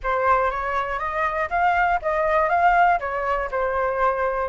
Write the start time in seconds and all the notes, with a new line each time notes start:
0.02 C5
0.50 C#5
0.99 D#5
1.50 F5
2.02 D#5
2.49 F5
2.99 C#5
3.51 C5